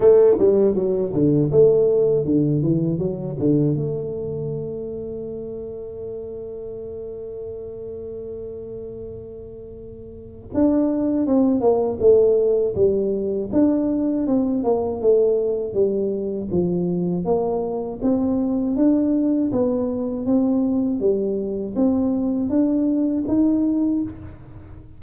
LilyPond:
\new Staff \with { instrumentName = "tuba" } { \time 4/4 \tempo 4 = 80 a8 g8 fis8 d8 a4 d8 e8 | fis8 d8 a2.~ | a1~ | a2 d'4 c'8 ais8 |
a4 g4 d'4 c'8 ais8 | a4 g4 f4 ais4 | c'4 d'4 b4 c'4 | g4 c'4 d'4 dis'4 | }